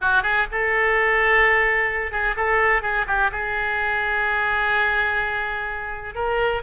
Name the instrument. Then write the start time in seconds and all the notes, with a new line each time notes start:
oboe
0.01 F#4
0.23 G#4
0.51 A4
2.11 G#4
2.36 A4
2.82 G#4
3.07 G4
3.31 G#4
6.15 A#4